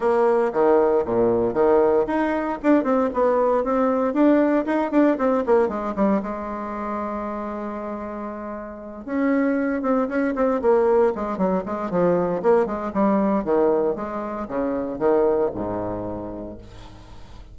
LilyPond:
\new Staff \with { instrumentName = "bassoon" } { \time 4/4 \tempo 4 = 116 ais4 dis4 ais,4 dis4 | dis'4 d'8 c'8 b4 c'4 | d'4 dis'8 d'8 c'8 ais8 gis8 g8 | gis1~ |
gis4. cis'4. c'8 cis'8 | c'8 ais4 gis8 fis8 gis8 f4 | ais8 gis8 g4 dis4 gis4 | cis4 dis4 gis,2 | }